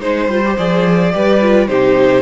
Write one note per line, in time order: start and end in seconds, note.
0.00 0.28 G#3
0.00 0.28 D#4
0.00 0.56 C5
0.00 1.12 C5
0.28 0.56 G3
0.28 0.43 F4
0.45 0.58 G4
0.58 1.14 F3
0.58 1.12 G#4
0.58 1.67 D5
1.12 1.69 G3
1.12 1.40 G4
1.12 1.69 B4
1.42 1.68 F4
1.67 2.22 C3
1.67 2.22 D#4
1.67 2.22 G4
1.67 2.22 C5